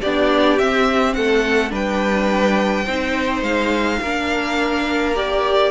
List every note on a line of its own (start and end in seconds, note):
0.00 0.60 B3
0.00 0.60 D4
0.00 1.14 G4
0.00 0.59 D5
0.59 1.16 C4
0.59 1.69 C4
0.59 1.14 E5
1.14 1.71 A3
1.14 1.71 A4
1.14 1.71 F#5
1.69 2.85 G3
1.69 2.84 D4
1.69 2.85 B4
1.69 3.43 G5
2.85 3.42 C4
2.85 4.02 D#4
2.85 3.99 C5
3.42 3.99 G#3
3.42 5.14 F5
4.02 5.71 A#3
4.02 5.15 D4
4.02 5.71 A#4
5.15 5.71 G4
5.15 5.71 D5